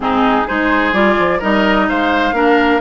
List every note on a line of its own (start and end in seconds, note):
0.00 0.44 G#2
0.00 0.45 C4
0.00 0.47 D#4
0.00 0.47 G#4
0.45 0.92 G#3
0.45 0.92 D#4
0.45 1.39 G#4
0.45 0.94 C5
0.92 1.16 G3
0.92 1.39 F4
0.92 1.41 D5
1.18 1.42 F3
1.39 1.89 G3
1.39 2.34 D#4
1.39 1.86 A#4
1.39 1.88 D#5
1.88 2.32 G#3
1.88 2.34 C5
1.88 2.80 F5
2.32 2.79 A#3
2.32 2.80 D4
2.32 2.80 A#4